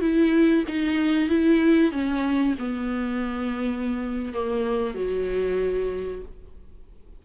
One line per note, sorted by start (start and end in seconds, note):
0.00 0.64 E4
0.67 1.29 D#4
1.29 1.91 E4
1.91 2.55 C#4
2.58 4.33 B3
4.33 4.94 A#3
4.94 6.22 F#3